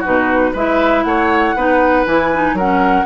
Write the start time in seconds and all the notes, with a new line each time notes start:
0.00 D#4 F#4 B4
0.07 B2
0.53 G#3 E4 B4 E5
1.04 A3 C#5 F#5
1.56 B3 D#4 B4
2.07 E3 E4 G#5
2.33 D#4
2.54 F#3 C#4 A#4 F#5